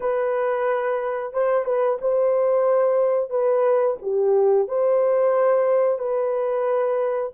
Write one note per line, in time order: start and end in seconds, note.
0.00 1.33 B4
1.33 1.65 C5
1.65 1.98 B4
2.01 3.29 C5
3.29 3.96 B4
4.02 4.68 G4
4.68 5.98 C5
5.98 7.32 B4